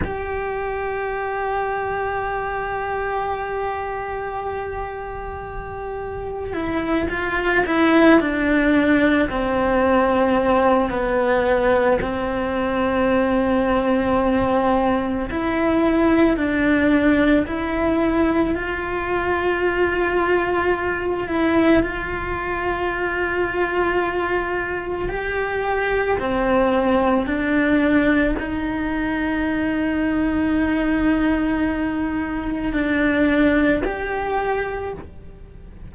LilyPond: \new Staff \with { instrumentName = "cello" } { \time 4/4 \tempo 4 = 55 g'1~ | g'2 e'8 f'8 e'8 d'8~ | d'8 c'4. b4 c'4~ | c'2 e'4 d'4 |
e'4 f'2~ f'8 e'8 | f'2. g'4 | c'4 d'4 dis'2~ | dis'2 d'4 g'4 | }